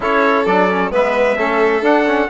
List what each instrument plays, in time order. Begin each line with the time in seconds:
0.00 bassoon C#4, trombone E4, violin A4, trumpet C#5
0.46 bassoon F#3, trombone D4, trumpet D5
0.69 trombone C#4
0.91 bassoon G#3, trombone B3, violin B4, trumpet E5
1.37 bassoon A3, trombone C#4, violin A4
1.82 bassoon D4, trombone D4, trumpet F#5
2.06 trombone C#4